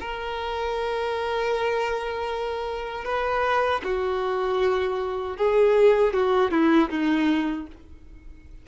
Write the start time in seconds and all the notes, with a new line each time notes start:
0.00 A#4
3.05 B4
3.84 F#4
5.37 G#4
6.13 F#4
6.51 E4
6.90 D#4